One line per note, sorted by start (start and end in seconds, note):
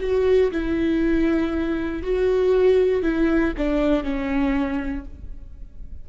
0.00 0.51 F#4
0.51 2.02 E4
2.02 3.02 F#4
3.02 3.53 E4
3.57 4.03 D4
4.03 5.05 C#4